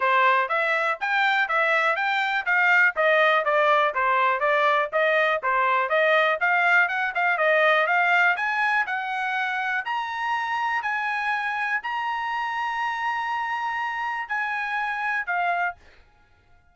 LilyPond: \new Staff \with { instrumentName = "trumpet" } { \time 4/4 \tempo 4 = 122 c''4 e''4 g''4 e''4 | g''4 f''4 dis''4 d''4 | c''4 d''4 dis''4 c''4 | dis''4 f''4 fis''8 f''8 dis''4 |
f''4 gis''4 fis''2 | ais''2 gis''2 | ais''1~ | ais''4 gis''2 f''4 | }